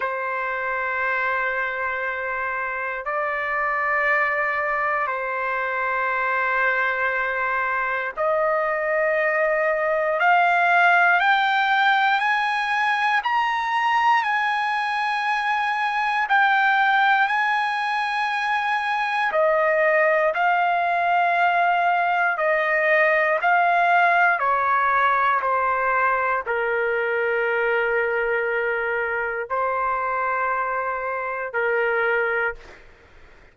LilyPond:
\new Staff \with { instrumentName = "trumpet" } { \time 4/4 \tempo 4 = 59 c''2. d''4~ | d''4 c''2. | dis''2 f''4 g''4 | gis''4 ais''4 gis''2 |
g''4 gis''2 dis''4 | f''2 dis''4 f''4 | cis''4 c''4 ais'2~ | ais'4 c''2 ais'4 | }